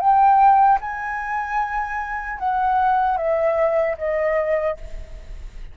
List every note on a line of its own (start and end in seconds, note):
0.00 0.79 G5
0.81 2.39 G#5
2.39 3.17 F#5
3.17 3.96 E5
3.98 4.77 D#5